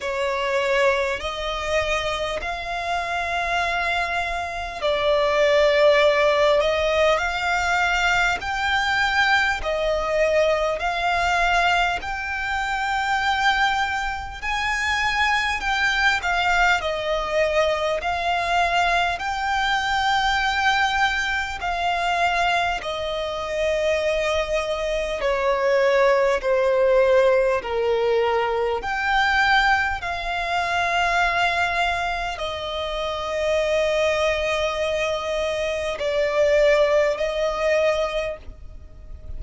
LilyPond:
\new Staff \with { instrumentName = "violin" } { \time 4/4 \tempo 4 = 50 cis''4 dis''4 f''2 | d''4. dis''8 f''4 g''4 | dis''4 f''4 g''2 | gis''4 g''8 f''8 dis''4 f''4 |
g''2 f''4 dis''4~ | dis''4 cis''4 c''4 ais'4 | g''4 f''2 dis''4~ | dis''2 d''4 dis''4 | }